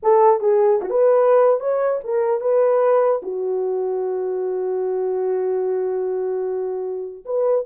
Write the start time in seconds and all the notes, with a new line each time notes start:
0.02 A4
0.40 G#4
0.81 F#4
0.90 B4
1.59 C#5
2.03 A#4
2.40 B4
3.22 F#4
7.25 B4